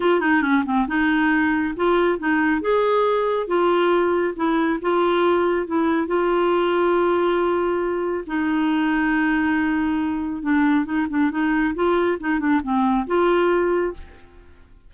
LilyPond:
\new Staff \with { instrumentName = "clarinet" } { \time 4/4 \tempo 4 = 138 f'8 dis'8 cis'8 c'8 dis'2 | f'4 dis'4 gis'2 | f'2 e'4 f'4~ | f'4 e'4 f'2~ |
f'2. dis'4~ | dis'1 | d'4 dis'8 d'8 dis'4 f'4 | dis'8 d'8 c'4 f'2 | }